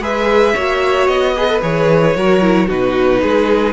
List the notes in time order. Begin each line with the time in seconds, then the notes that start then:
0.00 G#3 G#4 B4 E5
0.54 A#3 F#4 C#5
1.07 B3 D#5
1.36 G#4 B4
1.48 A4
1.61 E3 G#4 C#5
2.16 F#3 F#4 A#4
2.41 E4
2.67 B2 D#4 F#4 B4
3.22 G#3 G#4